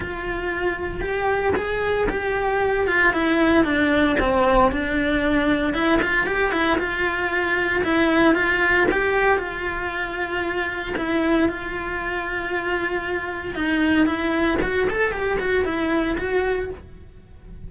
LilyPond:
\new Staff \with { instrumentName = "cello" } { \time 4/4 \tempo 4 = 115 f'2 g'4 gis'4 | g'4. f'8 e'4 d'4 | c'4 d'2 e'8 f'8 | g'8 e'8 f'2 e'4 |
f'4 g'4 f'2~ | f'4 e'4 f'2~ | f'2 dis'4 e'4 | fis'8 a'8 g'8 fis'8 e'4 fis'4 | }